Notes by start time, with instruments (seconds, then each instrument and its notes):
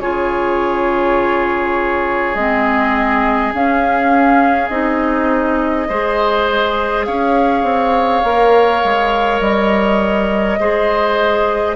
0.00 bassoon C#3, clarinet F4, oboe G#4, flute C#5
2.35 bassoon G#3, clarinet C4, flute D#5
3.54 bassoon C#4, clarinet C#4, flute F5
4.69 bassoon C4, clarinet D#4, flute D#5
5.88 bassoon G#3, clarinet G#4, oboe C5
7.05 bassoon C#4, oboe C#5, flute F5
7.64 bassoon C4
8.24 bassoon A#3, clarinet A#4
8.85 bassoon G#3
9.40 bassoon G3, flute D#5
10.60 bassoon G#3, clarinet G#4, oboe C5